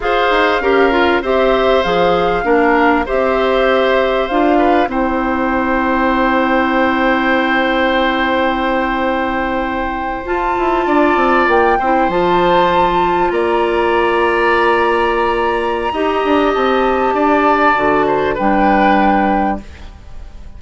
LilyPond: <<
  \new Staff \with { instrumentName = "flute" } { \time 4/4 \tempo 4 = 98 f''2 e''4 f''4~ | f''4 e''2 f''4 | g''1~ | g''1~ |
g''8. a''2 g''4 a''16~ | a''4.~ a''16 ais''2~ ais''16~ | ais''2. a''4~ | a''2 g''2 | }
  \new Staff \with { instrumentName = "oboe" } { \time 4/4 c''4 ais'4 c''2 | ais'4 c''2~ c''8 b'8 | c''1~ | c''1~ |
c''4.~ c''16 d''4. c''8.~ | c''4.~ c''16 d''2~ d''16~ | d''2 dis''2 | d''4. c''8 b'2 | }
  \new Staff \with { instrumentName = "clarinet" } { \time 4/4 gis'4 g'8 f'8 g'4 gis'4 | d'4 g'2 f'4 | e'1~ | e'1~ |
e'8. f'2~ f'8 e'8 f'16~ | f'1~ | f'2 g'2~ | g'4 fis'4 d'2 | }
  \new Staff \with { instrumentName = "bassoon" } { \time 4/4 f'8 dis'8 cis'4 c'4 f4 | ais4 c'2 d'4 | c'1~ | c'1~ |
c'8. f'8 e'8 d'8 c'8 ais8 c'8 f16~ | f4.~ f16 ais2~ ais16~ | ais2 dis'8 d'8 c'4 | d'4 d4 g2 | }
>>